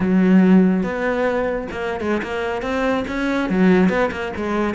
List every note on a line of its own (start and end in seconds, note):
0.00 0.83 F#3
0.83 1.67 B3
1.71 2.00 A#3
2.00 2.21 G#3
2.22 2.62 A#3
2.62 3.04 C4
3.07 3.49 C#4
3.49 3.89 F#3
3.89 4.10 B3
4.11 4.32 A#3
4.36 4.74 G#3